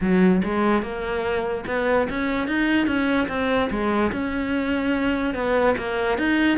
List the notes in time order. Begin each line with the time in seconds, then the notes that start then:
0.00 F#3
0.44 G#3
0.82 A#3
1.67 B3
2.09 C#4
2.47 D#4
2.86 C#4
3.28 C4
3.70 G#3
4.11 C#4
5.34 B3
5.77 A#3
6.18 D#4